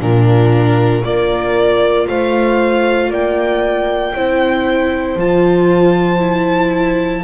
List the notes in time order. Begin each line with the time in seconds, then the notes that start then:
0.00 A#2 D4 F4 A#4
1.04 A#3 F4 A#4 D5
2.08 A3 C5 F5
3.10 A#3 D5 G5
4.15 C4 E4 C5
5.16 F3 F4 A5
6.20 E4